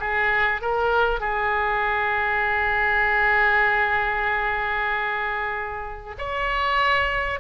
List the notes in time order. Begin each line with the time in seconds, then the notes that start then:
0.00 G#4
0.62 A#4
1.21 G#4
6.19 C#5